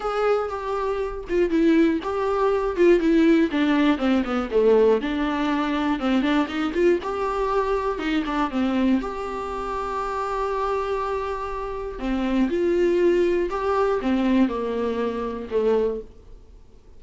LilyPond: \new Staff \with { instrumentName = "viola" } { \time 4/4 \tempo 4 = 120 gis'4 g'4. f'8 e'4 | g'4. f'8 e'4 d'4 | c'8 b8 a4 d'2 | c'8 d'8 dis'8 f'8 g'2 |
dis'8 d'8 c'4 g'2~ | g'1 | c'4 f'2 g'4 | c'4 ais2 a4 | }